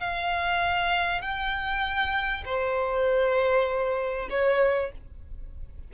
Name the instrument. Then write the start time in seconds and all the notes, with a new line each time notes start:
violin
0.00 F5
1.22 G5
2.45 C5
4.30 C#5